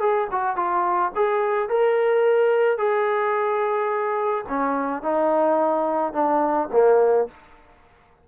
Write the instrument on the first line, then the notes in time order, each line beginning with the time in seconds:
trombone
0.00 G#4
0.32 F#4
0.56 F4
1.15 G#4
1.69 A#4
2.78 G#4
4.48 C#4
5.03 D#4
6.13 D4
6.72 A#3